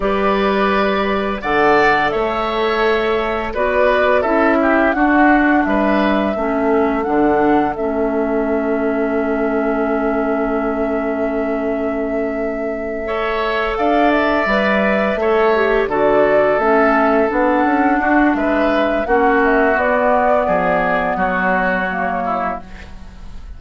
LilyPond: <<
  \new Staff \with { instrumentName = "flute" } { \time 4/4 \tempo 4 = 85 d''2 fis''4 e''4~ | e''4 d''4 e''4 fis''4 | e''2 fis''4 e''4~ | e''1~ |
e''2.~ e''8 f''8 | e''2~ e''8 d''4 e''8~ | e''8 fis''4. e''4 fis''8 e''8 | d''2 cis''2 | }
  \new Staff \with { instrumentName = "oboe" } { \time 4/4 b'2 d''4 cis''4~ | cis''4 b'4 a'8 g'8 fis'4 | b'4 a'2.~ | a'1~ |
a'2~ a'8 cis''4 d''8~ | d''4. cis''4 a'4.~ | a'4. fis'8 b'4 fis'4~ | fis'4 gis'4 fis'4. e'8 | }
  \new Staff \with { instrumentName = "clarinet" } { \time 4/4 g'2 a'2~ | a'4 fis'4 e'4 d'4~ | d'4 cis'4 d'4 cis'4~ | cis'1~ |
cis'2~ cis'8 a'4.~ | a'8 b'4 a'8 g'8 fis'4 cis'8~ | cis'8 d'2~ d'8 cis'4 | b2. ais4 | }
  \new Staff \with { instrumentName = "bassoon" } { \time 4/4 g2 d4 a4~ | a4 b4 cis'4 d'4 | g4 a4 d4 a4~ | a1~ |
a2.~ a8 d'8~ | d'8 g4 a4 d4 a8~ | a8 b8 cis'8 d'8 gis4 ais4 | b4 f4 fis2 | }
>>